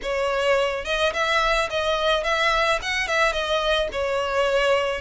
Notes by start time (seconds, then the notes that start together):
0.02 C#5
0.84 D#5
1.13 E5
1.69 D#5
2.23 E5
2.82 F#5
3.07 E5
3.32 D#5
3.92 C#5